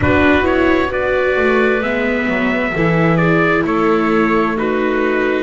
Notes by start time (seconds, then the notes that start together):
0.00 B3 D4 F#4 B4
0.41 E4 C#5
0.88 F#4 B4 D5
1.37 A3
1.81 G#3 B3 E5
2.27 F#3
2.71 E3 E4 A4
3.16 G#4 D5
3.63 A3 A4 C#5
4.56 D#4 F#4 B4